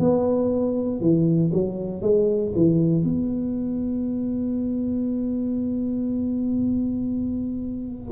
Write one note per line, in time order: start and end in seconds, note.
0.00 1.01 B3
1.01 1.52 E3
1.53 2.02 F#3
2.02 2.53 G#3
2.56 3.04 E3
3.04 8.12 B3